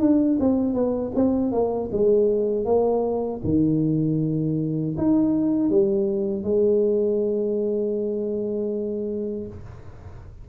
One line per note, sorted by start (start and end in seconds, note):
0.00 0.38 D4
0.40 0.74 C4
0.74 1.12 B3
1.15 1.52 C4
1.52 1.90 A#3
1.92 2.65 G#3
2.65 3.41 A#3
3.44 4.96 D#3
4.97 5.70 D#4
5.70 6.43 G3
6.43 9.47 G#3